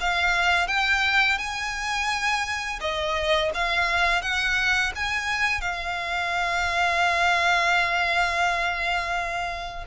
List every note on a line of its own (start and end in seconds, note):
0.00 0.67 F5
0.67 1.38 G5
1.38 2.79 G#5
2.80 3.51 D#5
3.54 4.21 F5
4.21 4.92 F#5
4.95 5.61 G#5
5.61 9.84 F5